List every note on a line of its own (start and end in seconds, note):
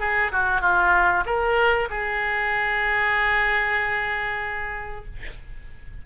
0.00 0.32 G#4
0.32 0.61 F#4
0.61 1.24 F4
1.26 1.89 A#4
1.90 5.06 G#4